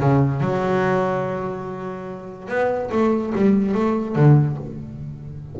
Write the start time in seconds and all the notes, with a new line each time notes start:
0.00 C#3
0.41 F#3
2.49 B3
2.92 A3
3.36 G3
3.75 A3
4.16 D3